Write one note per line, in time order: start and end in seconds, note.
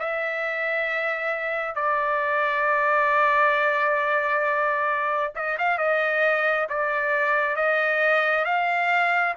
0.00 1.75 E5
1.75 5.34 D5
5.36 5.58 D#5
5.58 5.78 F5
5.78 6.68 D#5
6.70 7.56 D5
7.56 8.45 D#5
8.45 9.35 F5